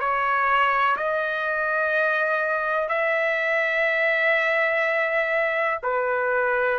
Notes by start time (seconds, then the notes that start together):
0.00 C#5
0.97 D#5
2.89 E5
5.83 B4